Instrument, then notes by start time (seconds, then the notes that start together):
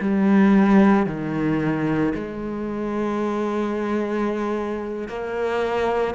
cello
0.00 G3
1.06 D#3
2.14 G#3
5.08 A#3